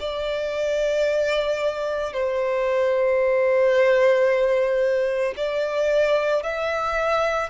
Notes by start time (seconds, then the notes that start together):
0.00 D5
2.13 C5
5.37 D5
6.43 E5